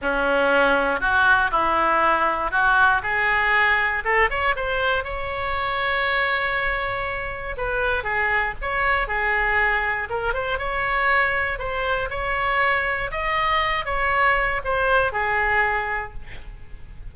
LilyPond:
\new Staff \with { instrumentName = "oboe" } { \time 4/4 \tempo 4 = 119 cis'2 fis'4 e'4~ | e'4 fis'4 gis'2 | a'8 cis''8 c''4 cis''2~ | cis''2. b'4 |
gis'4 cis''4 gis'2 | ais'8 c''8 cis''2 c''4 | cis''2 dis''4. cis''8~ | cis''4 c''4 gis'2 | }